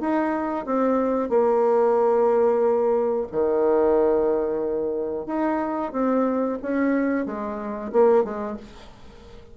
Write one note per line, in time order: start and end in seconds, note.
0.00 0.66 D#4
0.66 1.29 C4
1.29 3.27 A#3
3.31 5.26 D#3
5.26 5.92 D#4
5.92 6.58 C4
6.62 7.26 C#4
7.26 7.92 G#3
7.92 8.24 A#3
8.24 8.57 G#3